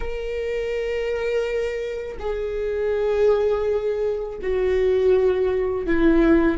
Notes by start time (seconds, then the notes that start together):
0.00 A#4
2.19 G#4
4.42 F#4
5.86 E4